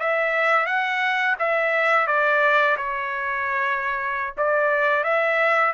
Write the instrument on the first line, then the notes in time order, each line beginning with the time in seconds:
trumpet
0.00 E5
0.66 F#5
1.39 E5
2.07 D5
2.77 C#5
4.37 D5
5.04 E5